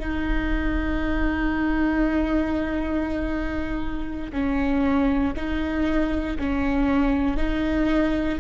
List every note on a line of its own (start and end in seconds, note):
0.00 4.32 D#4
4.33 5.35 C#4
5.36 6.38 D#4
6.39 7.37 C#4
7.37 8.39 D#4